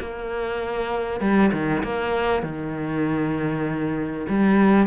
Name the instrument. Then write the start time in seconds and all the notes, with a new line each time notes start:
cello
0.00 A#3
1.21 G3
1.52 D#3
1.83 A#3
2.43 D#3
4.29 G3